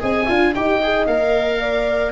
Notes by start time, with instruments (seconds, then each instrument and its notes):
0.00 tuba C4, viola G#4, horn D#5, oboe G#5
0.27 tuba D4, viola F4, horn F5
0.55 tuba D#4, viola G4, horn D#5, oboe G5
0.83 viola G#4
1.07 tuba A#3, viola A#4, oboe F5
1.61 horn D5